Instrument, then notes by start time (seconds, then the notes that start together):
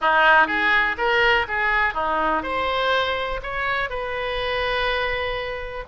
oboe
0.01 D#4
0.47 G#4
0.97 A#4
1.48 G#4
1.94 D#4
2.42 C5
3.42 C#5
3.89 B4